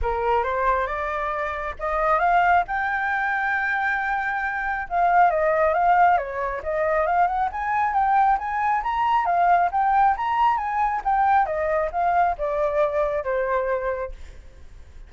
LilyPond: \new Staff \with { instrumentName = "flute" } { \time 4/4 \tempo 4 = 136 ais'4 c''4 d''2 | dis''4 f''4 g''2~ | g''2. f''4 | dis''4 f''4 cis''4 dis''4 |
f''8 fis''8 gis''4 g''4 gis''4 | ais''4 f''4 g''4 ais''4 | gis''4 g''4 dis''4 f''4 | d''2 c''2 | }